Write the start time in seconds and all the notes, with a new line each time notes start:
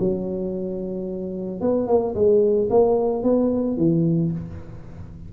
0.00 F#3
1.61 B3
1.88 A#3
2.15 G#3
2.71 A#3
3.24 B3
3.78 E3